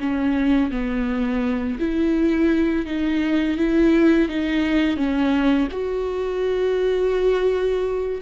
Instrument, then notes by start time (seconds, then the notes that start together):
viola
0.00 C#4
0.71 B3
1.80 E4
2.86 D#4
3.57 E4
4.28 D#4
4.96 C#4
5.71 F#4